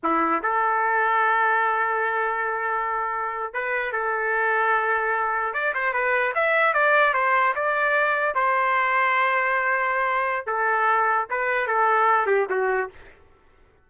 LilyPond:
\new Staff \with { instrumentName = "trumpet" } { \time 4/4 \tempo 4 = 149 e'4 a'2.~ | a'1~ | a'8. b'4 a'2~ a'16~ | a'4.~ a'16 d''8 c''8 b'4 e''16~ |
e''8. d''4 c''4 d''4~ d''16~ | d''8. c''2.~ c''16~ | c''2 a'2 | b'4 a'4. g'8 fis'4 | }